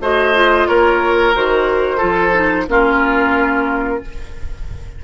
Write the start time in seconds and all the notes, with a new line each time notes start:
0.00 A3 F#4 C5 D#5
0.34 F4
0.67 A#3 A#4 C#5
1.34 D#3 F#4 C5
1.97 F3 F4 A4
2.33 D#4
2.67 A#3 C#4 F4 A#4